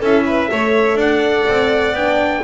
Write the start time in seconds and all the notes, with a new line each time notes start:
0.00 C#4 E4 A4 E5
0.26 B4
0.51 A3 A4 C#5
0.95 D4 D5 F#5
1.48 C4
1.93 B3 D4 G5